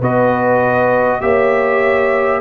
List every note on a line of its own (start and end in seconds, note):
0.00 1.21 B3
0.00 1.21 F#4
0.00 1.20 B4
0.00 1.21 D#5
1.21 2.41 A#3
1.21 2.41 G4
1.21 2.41 C#5
1.21 2.41 E5